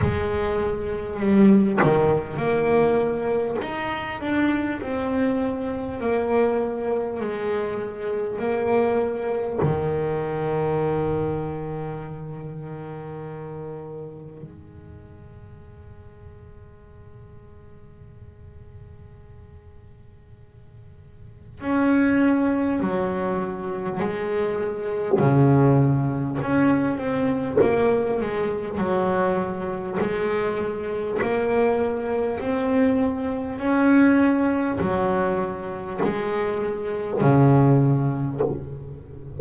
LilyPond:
\new Staff \with { instrumentName = "double bass" } { \time 4/4 \tempo 4 = 50 gis4 g8 dis8 ais4 dis'8 d'8 | c'4 ais4 gis4 ais4 | dis1 | gis1~ |
gis2 cis'4 fis4 | gis4 cis4 cis'8 c'8 ais8 gis8 | fis4 gis4 ais4 c'4 | cis'4 fis4 gis4 cis4 | }